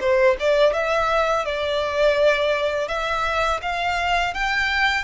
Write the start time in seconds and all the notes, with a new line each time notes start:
0.00 C5
0.39 D5
0.73 E5
1.45 D5
2.88 E5
3.61 F5
4.34 G5